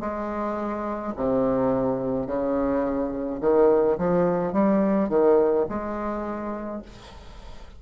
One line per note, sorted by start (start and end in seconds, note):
0.00 1.13 G#3
1.16 2.26 C3
2.26 3.40 C#3
3.40 3.97 D#3
3.97 4.52 F3
4.52 5.09 G3
5.09 5.66 D#3
5.69 6.82 G#3